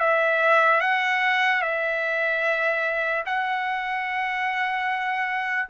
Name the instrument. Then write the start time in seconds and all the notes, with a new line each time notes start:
trumpet
0.00 E5
0.81 F#5
1.62 E5
3.26 F#5